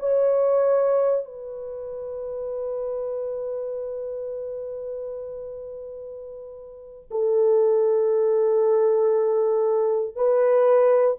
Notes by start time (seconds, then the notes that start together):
0.00 C#5
1.26 B4
7.11 A4
10.16 B4